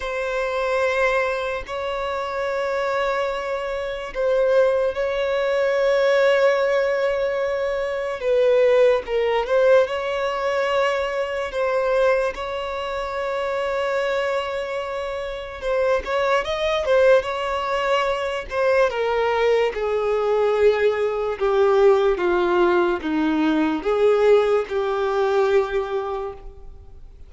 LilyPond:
\new Staff \with { instrumentName = "violin" } { \time 4/4 \tempo 4 = 73 c''2 cis''2~ | cis''4 c''4 cis''2~ | cis''2 b'4 ais'8 c''8 | cis''2 c''4 cis''4~ |
cis''2. c''8 cis''8 | dis''8 c''8 cis''4. c''8 ais'4 | gis'2 g'4 f'4 | dis'4 gis'4 g'2 | }